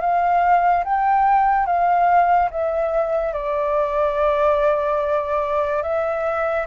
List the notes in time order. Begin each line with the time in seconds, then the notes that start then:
0.00 F5
0.84 G5
1.66 F5
2.50 E5
3.33 D5
5.82 E5